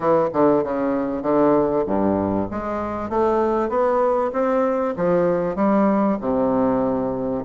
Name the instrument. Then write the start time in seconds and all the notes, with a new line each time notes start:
bassoon
0.00 E3
0.33 D3
0.63 C#3
1.22 D3
1.86 G2
2.50 G#3
3.09 A3
3.69 B3
4.32 C4
4.96 F3
5.55 G3
6.21 C3